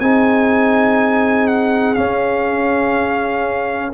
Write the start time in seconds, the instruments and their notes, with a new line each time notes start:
0.00 tuba C4, trombone D#4, horn G#4, trumpet G#5
1.48 trumpet F#5
1.94 trombone C#4, tuba C#4, trumpet F5